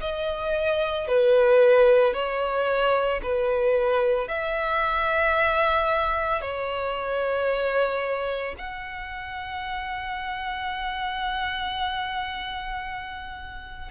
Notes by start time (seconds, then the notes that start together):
0.00 D#5
1.07 B4
2.13 C#5
3.22 B4
4.28 E5
6.40 C#5
8.58 F#5